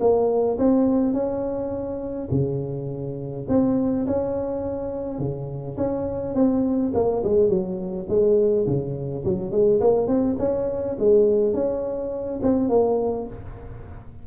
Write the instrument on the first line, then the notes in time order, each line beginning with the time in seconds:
tuba
0.00 A#3
0.58 C4
1.13 C#4
2.31 C#3
3.48 C4
4.06 C#4
5.18 C#3
5.76 C#4
6.34 C4
6.94 A#3
7.24 G#3
7.49 F#3
8.08 G#3
8.66 C#3
9.24 F#3
9.51 G#3
9.80 A#3
10.07 C4
10.38 C#4
10.99 G#3
11.53 C#4
12.42 C4
12.69 A#3